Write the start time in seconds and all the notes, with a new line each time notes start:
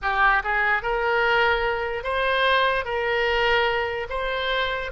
0.02 G4
0.43 G#4
0.82 A#4
2.03 C5
2.84 A#4
4.09 C5